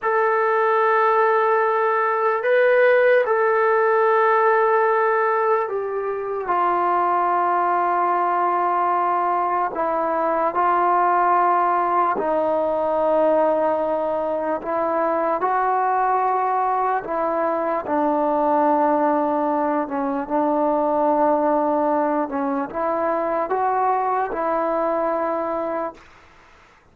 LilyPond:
\new Staff \with { instrumentName = "trombone" } { \time 4/4 \tempo 4 = 74 a'2. b'4 | a'2. g'4 | f'1 | e'4 f'2 dis'4~ |
dis'2 e'4 fis'4~ | fis'4 e'4 d'2~ | d'8 cis'8 d'2~ d'8 cis'8 | e'4 fis'4 e'2 | }